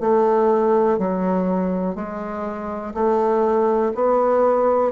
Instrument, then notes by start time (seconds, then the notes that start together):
bassoon
0.00 A3
0.98 F#3
1.95 G#3
2.94 A3
3.95 B3